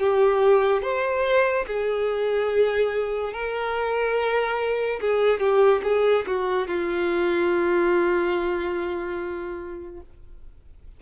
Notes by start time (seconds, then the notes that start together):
0.00 G4
0.82 C5
1.67 G#4
3.33 A#4
5.01 G#4
5.40 G4
5.84 G#4
6.27 F#4
6.67 F4